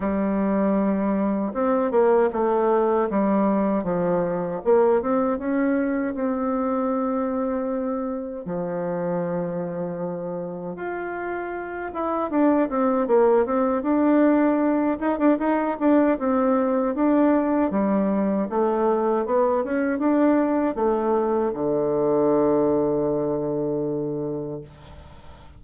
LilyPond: \new Staff \with { instrumentName = "bassoon" } { \time 4/4 \tempo 4 = 78 g2 c'8 ais8 a4 | g4 f4 ais8 c'8 cis'4 | c'2. f4~ | f2 f'4. e'8 |
d'8 c'8 ais8 c'8 d'4. dis'16 d'16 | dis'8 d'8 c'4 d'4 g4 | a4 b8 cis'8 d'4 a4 | d1 | }